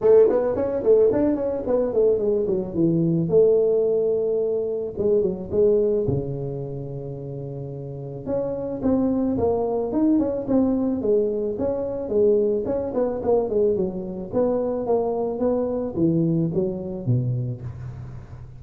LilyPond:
\new Staff \with { instrumentName = "tuba" } { \time 4/4 \tempo 4 = 109 a8 b8 cis'8 a8 d'8 cis'8 b8 a8 | gis8 fis8 e4 a2~ | a4 gis8 fis8 gis4 cis4~ | cis2. cis'4 |
c'4 ais4 dis'8 cis'8 c'4 | gis4 cis'4 gis4 cis'8 b8 | ais8 gis8 fis4 b4 ais4 | b4 e4 fis4 b,4 | }